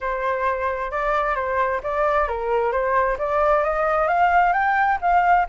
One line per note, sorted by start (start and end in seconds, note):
0.00 0.91 C5
0.91 1.35 D5
1.35 1.80 C5
1.83 2.28 D5
2.28 2.71 A#4
2.71 3.17 C5
3.18 3.63 D5
3.63 4.07 D#5
4.07 4.52 F5
4.52 4.98 G5
5.01 5.46 F5